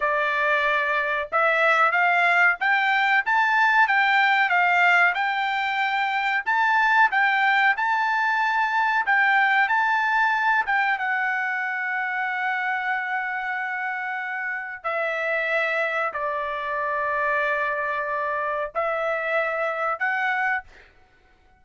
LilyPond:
\new Staff \with { instrumentName = "trumpet" } { \time 4/4 \tempo 4 = 93 d''2 e''4 f''4 | g''4 a''4 g''4 f''4 | g''2 a''4 g''4 | a''2 g''4 a''4~ |
a''8 g''8 fis''2.~ | fis''2. e''4~ | e''4 d''2.~ | d''4 e''2 fis''4 | }